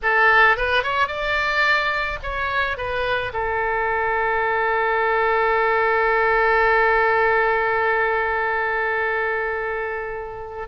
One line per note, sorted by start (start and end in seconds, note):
0.02 0.56 A4
0.56 0.83 B4
0.83 1.07 C#5
1.07 2.18 D5
2.22 2.77 C#5
2.77 3.32 B4
3.33 10.67 A4